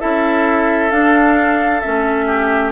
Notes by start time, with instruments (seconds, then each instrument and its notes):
0.00 bassoon C#4, clarinet E4, oboe A4, flute E5
0.91 clarinet D4, bassoon D4, flute F5
1.80 clarinet C#4, flute E5
1.87 bassoon A3
2.27 oboe G4